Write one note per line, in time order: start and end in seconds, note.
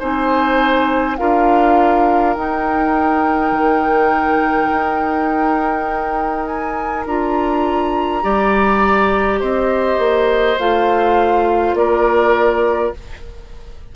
0.00 1.20 C4
0.00 1.18 D#4
0.00 1.18 C5
0.00 1.17 G#5
1.17 2.37 D4
1.17 2.36 F4
1.17 8.24 A#4
1.17 2.34 F5
2.34 3.52 D#4
2.34 7.08 D#4
2.34 6.46 G5
3.52 4.69 D#3
4.71 7.06 D#4
6.46 7.05 G#5
7.06 8.24 D4
7.06 8.23 F4
7.06 9.41 A#5
8.23 9.42 G3
8.23 10.58 G4
8.23 9.40 D5
9.40 9.99 C4
9.40 11.76 C5
9.40 10.59 D#5
9.99 10.58 A#3
10.59 11.74 A3
10.59 12.95 F4
10.59 11.76 F5
11.74 12.92 A#3
11.74 12.96 A#4
11.74 12.94 D5